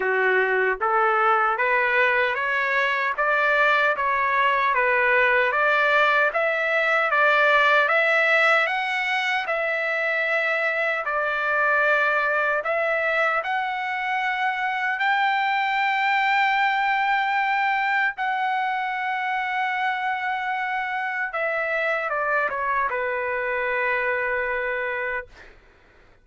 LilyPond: \new Staff \with { instrumentName = "trumpet" } { \time 4/4 \tempo 4 = 76 fis'4 a'4 b'4 cis''4 | d''4 cis''4 b'4 d''4 | e''4 d''4 e''4 fis''4 | e''2 d''2 |
e''4 fis''2 g''4~ | g''2. fis''4~ | fis''2. e''4 | d''8 cis''8 b'2. | }